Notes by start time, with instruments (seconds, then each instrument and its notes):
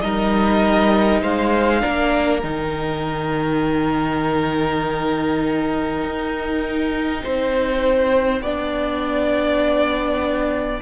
0.00 cello G3, viola D#4, violin A#4 D#5
1.22 cello G#3, violin C5 F5
1.80 cello A#3, viola D4, violin A#4
2.40 cello D#3, viola D#4, violin G5
6.04 cello D#4
7.24 cello C4, violin C5
8.41 cello B3, viola D4, violin D5